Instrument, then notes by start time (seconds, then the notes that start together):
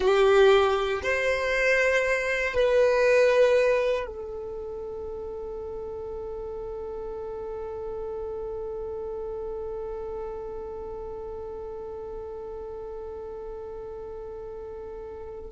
violin
0.00 G4
1.03 C5
2.54 B4
4.06 A4